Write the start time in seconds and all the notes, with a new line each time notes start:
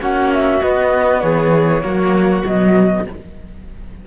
0.00 A#3 C#4 F#4 F#5
0.33 E5
0.62 B3 D#5
1.21 E3 G#4 C#5
1.82 F#3 A#3 F#4
2.46 B2 F#3 D#5